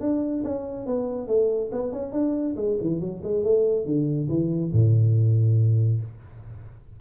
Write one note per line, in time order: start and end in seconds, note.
0.00 0.43 D4
0.43 0.86 C#4
0.86 1.27 B3
1.27 1.70 A3
1.71 1.92 B3
1.92 2.12 C#4
2.12 2.55 D4
2.56 2.77 G#3
2.81 3.00 E3
3.00 3.21 F#3
3.23 3.43 G#3
3.43 3.85 A3
3.85 4.28 D3
4.28 4.71 E3
4.72 6.00 A2